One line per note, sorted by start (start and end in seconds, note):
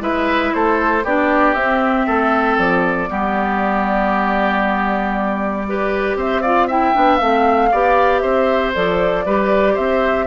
0.00 0.52 G#3
0.00 1.03 E4
0.00 0.54 B4
0.00 0.54 E5
0.54 1.04 A3
0.54 1.04 A4
0.54 1.05 C5
1.04 1.55 B3
1.04 1.57 D4
1.04 2.07 G4
1.04 1.54 D5
1.54 2.06 C4
1.54 3.08 C4
1.54 2.57 E5
2.07 2.58 A3
2.07 3.09 A4
2.58 3.10 F3
2.58 6.17 D5
3.08 6.15 G3
3.08 5.65 B3
3.08 5.66 G4
5.68 6.44 G4
5.68 6.17 B4
6.15 6.92 C4
6.15 6.42 C5
6.15 6.42 E5
6.42 6.70 F4
6.42 6.67 D5
6.42 6.68 F5
6.67 6.94 E4
6.67 7.70 E5
6.67 7.17 G5
6.94 7.21 B3
6.94 7.20 D4
7.17 7.72 A3
7.17 7.71 C4
7.17 8.19 F5
7.71 8.24 B3
7.71 8.74 G4
7.71 8.22 D5
8.20 8.75 C4
8.20 9.25 C5
8.20 8.71 E5
8.74 9.26 F3
8.74 9.26 A4
8.74 9.77 D5
9.26 9.77 G3
9.26 10.27 G4
9.26 9.74 B4
9.74 10.27 C4
9.74 10.25 C5
9.74 10.27 E5